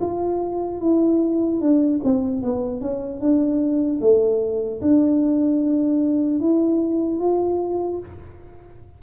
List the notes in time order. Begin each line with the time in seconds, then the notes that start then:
0.00 F4
0.80 E4
1.60 D4
2.03 C4
2.42 B3
2.80 C#4
3.20 D4
4.00 A3
4.81 D4
6.40 E4
7.19 F4